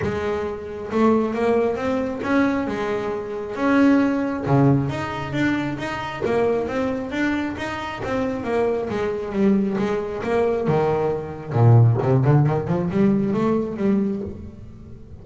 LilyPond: \new Staff \with { instrumentName = "double bass" } { \time 4/4 \tempo 4 = 135 gis2 a4 ais4 | c'4 cis'4 gis2 | cis'2 cis4 dis'4 | d'4 dis'4 ais4 c'4 |
d'4 dis'4 c'4 ais4 | gis4 g4 gis4 ais4 | dis2 ais,4 c8 d8 | dis8 f8 g4 a4 g4 | }